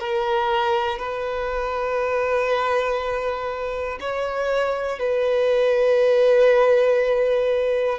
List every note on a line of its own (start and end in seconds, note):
0.00 0.99 A#4
0.99 3.99 B4
4.00 5.00 C#5
5.00 7.99 B4